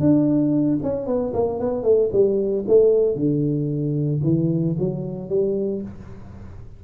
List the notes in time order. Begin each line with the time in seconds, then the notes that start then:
0.00 D4
0.83 C#4
1.06 B3
1.34 A#3
1.60 B3
1.83 A3
2.12 G3
2.67 A3
3.15 D3
4.23 E3
4.79 F#3
5.29 G3